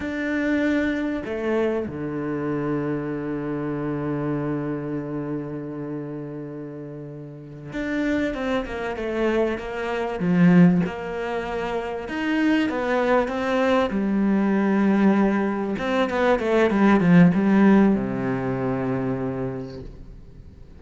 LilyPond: \new Staff \with { instrumentName = "cello" } { \time 4/4 \tempo 4 = 97 d'2 a4 d4~ | d1~ | d1~ | d8 d'4 c'8 ais8 a4 ais8~ |
ais8 f4 ais2 dis'8~ | dis'8 b4 c'4 g4.~ | g4. c'8 b8 a8 g8 f8 | g4 c2. | }